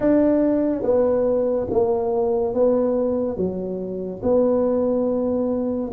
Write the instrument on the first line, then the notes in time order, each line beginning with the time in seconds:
tuba
0.00 D4
0.82 B3
1.70 A#3
2.54 B3
3.36 F#3
4.23 B3